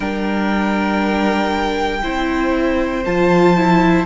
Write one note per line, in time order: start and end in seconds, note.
0.00 2.02 G3
0.00 2.02 D4
0.00 2.00 A#4
0.00 3.03 G5
2.02 3.06 C4
2.02 3.04 E4
2.02 4.05 C5
3.05 4.05 F3
3.05 3.56 F4
3.05 4.05 A5
3.56 4.05 E4